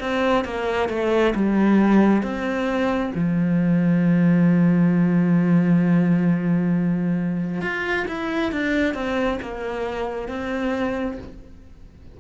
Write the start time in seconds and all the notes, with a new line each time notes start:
0.00 C4
0.44 A#3
0.89 A3
1.35 G3
2.23 C4
3.15 F3
7.61 F4
8.08 E4
8.52 D4
8.94 C4
9.42 A#3
10.28 C4